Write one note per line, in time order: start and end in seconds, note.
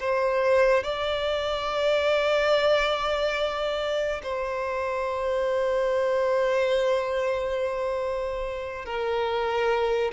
0.00 0.84 C5
0.84 4.22 D5
4.23 8.86 C5
8.86 10.13 A#4